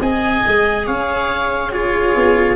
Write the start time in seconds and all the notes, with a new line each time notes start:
0.00 C4 G#4 D#5 G#5
0.47 G#3
0.87 C#4 C#5 F5
1.72 F4 G#4 C#5
2.16 B3